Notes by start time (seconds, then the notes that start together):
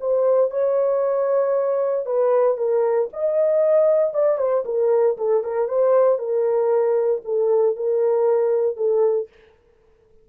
0.00 C5
0.51 C#5
2.06 B4
2.57 A#4
3.13 D#5
4.14 D5
4.38 C5
4.65 A#4
5.17 A4
5.43 A#4
5.68 C5
6.19 A#4
7.25 A4
7.76 A#4
8.77 A4